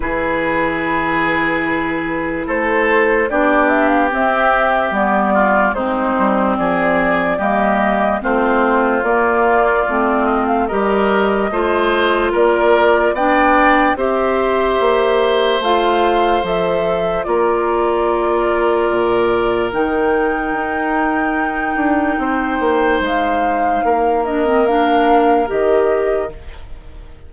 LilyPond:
<<
  \new Staff \with { instrumentName = "flute" } { \time 4/4 \tempo 4 = 73 b'2. c''4 | d''8 e''16 f''16 e''4 d''4 c''4 | d''4 dis''4 c''4 d''4~ | d''8 dis''16 f''16 dis''2 d''4 |
g''4 e''2 f''4 | e''4 d''2. | g''1 | f''4. dis''8 f''4 dis''4 | }
  \new Staff \with { instrumentName = "oboe" } { \time 4/4 gis'2. a'4 | g'2~ g'8 f'8 dis'4 | gis'4 g'4 f'2~ | f'4 ais'4 c''4 ais'4 |
d''4 c''2.~ | c''4 ais'2.~ | ais'2. c''4~ | c''4 ais'2. | }
  \new Staff \with { instrumentName = "clarinet" } { \time 4/4 e'1 | d'4 c'4 b4 c'4~ | c'4 ais4 c'4 ais4 | c'4 g'4 f'2 |
d'4 g'2 f'4 | a'4 f'2. | dis'1~ | dis'4. d'16 c'16 d'4 g'4 | }
  \new Staff \with { instrumentName = "bassoon" } { \time 4/4 e2. a4 | b4 c'4 g4 gis8 g8 | f4 g4 a4 ais4 | a4 g4 a4 ais4 |
b4 c'4 ais4 a4 | f4 ais2 ais,4 | dis4 dis'4. d'8 c'8 ais8 | gis4 ais2 dis4 | }
>>